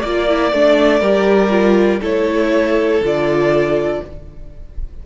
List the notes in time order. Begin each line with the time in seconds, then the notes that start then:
0.00 A#3 F4 D5
0.28 E4
0.52 A3 D4
1.00 G3 G4 A#4
1.49 F4
2.01 A3 E4 A4 C#5
3.01 D3 F4 D5